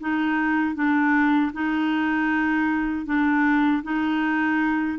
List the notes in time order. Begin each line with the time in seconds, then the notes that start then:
0.00 D#4
0.75 D4
1.53 D#4
3.06 D4
3.83 D#4